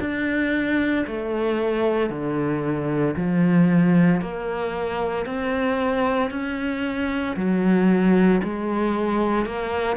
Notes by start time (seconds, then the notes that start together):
0.00 D4
1.06 A3
2.10 D3
3.16 F3
4.21 A#3
5.26 C4
6.31 C#4
7.36 F#3
8.44 G#3
9.45 A#3